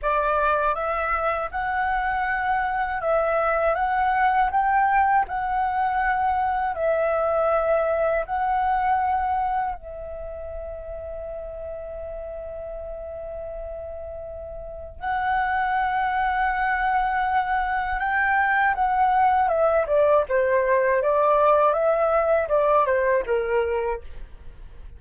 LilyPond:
\new Staff \with { instrumentName = "flute" } { \time 4/4 \tempo 4 = 80 d''4 e''4 fis''2 | e''4 fis''4 g''4 fis''4~ | fis''4 e''2 fis''4~ | fis''4 e''2.~ |
e''1 | fis''1 | g''4 fis''4 e''8 d''8 c''4 | d''4 e''4 d''8 c''8 ais'4 | }